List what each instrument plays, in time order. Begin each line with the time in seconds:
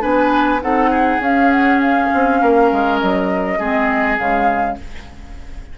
0.00 bassoon B3, clarinet D4, oboe B4, flute G#5
0.61 bassoon C4, clarinet D#4, oboe A4, flute F#5
0.90 oboe G#4
1.19 bassoon C#4, clarinet C#4, flute F5
1.51 flute F#5
1.81 flute F5
2.13 bassoon C4
2.41 bassoon A#3, oboe A#4
2.72 bassoon G#3
2.99 bassoon F#3, flute D#5
3.59 bassoon G#3, clarinet C4, oboe G#4
4.17 bassoon C#3, clarinet G#3, flute F5